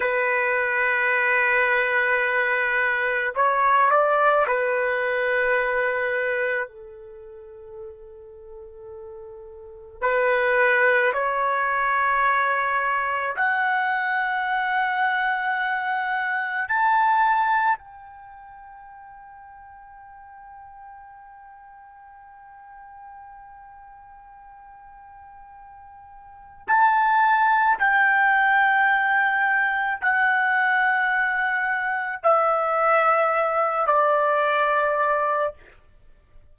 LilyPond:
\new Staff \with { instrumentName = "trumpet" } { \time 4/4 \tempo 4 = 54 b'2. cis''8 d''8 | b'2 a'2~ | a'4 b'4 cis''2 | fis''2. a''4 |
g''1~ | g''1 | a''4 g''2 fis''4~ | fis''4 e''4. d''4. | }